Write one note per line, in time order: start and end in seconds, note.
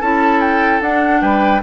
0.00 0.81 C#4
0.00 0.82 E4
0.00 1.21 A4
0.00 0.40 A5
0.40 0.81 G5
0.81 1.21 D4
0.81 1.62 D4
0.81 1.21 F#5
1.21 1.61 G3
1.21 1.61 B4
1.21 1.61 G5